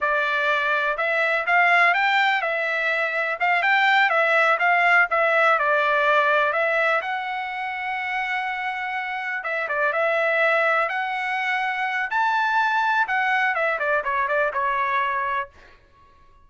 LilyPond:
\new Staff \with { instrumentName = "trumpet" } { \time 4/4 \tempo 4 = 124 d''2 e''4 f''4 | g''4 e''2 f''8 g''8~ | g''8 e''4 f''4 e''4 d''8~ | d''4. e''4 fis''4.~ |
fis''2.~ fis''8 e''8 | d''8 e''2 fis''4.~ | fis''4 a''2 fis''4 | e''8 d''8 cis''8 d''8 cis''2 | }